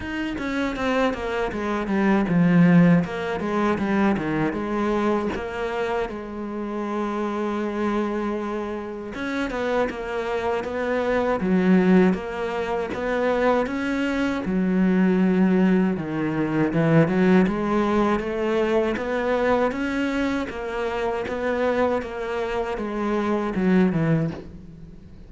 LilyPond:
\new Staff \with { instrumentName = "cello" } { \time 4/4 \tempo 4 = 79 dis'8 cis'8 c'8 ais8 gis8 g8 f4 | ais8 gis8 g8 dis8 gis4 ais4 | gis1 | cis'8 b8 ais4 b4 fis4 |
ais4 b4 cis'4 fis4~ | fis4 dis4 e8 fis8 gis4 | a4 b4 cis'4 ais4 | b4 ais4 gis4 fis8 e8 | }